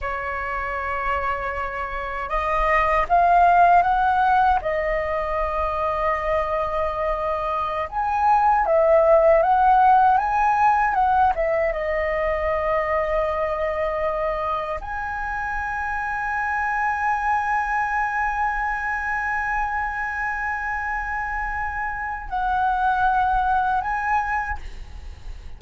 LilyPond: \new Staff \with { instrumentName = "flute" } { \time 4/4 \tempo 4 = 78 cis''2. dis''4 | f''4 fis''4 dis''2~ | dis''2~ dis''16 gis''4 e''8.~ | e''16 fis''4 gis''4 fis''8 e''8 dis''8.~ |
dis''2.~ dis''16 gis''8.~ | gis''1~ | gis''1~ | gis''4 fis''2 gis''4 | }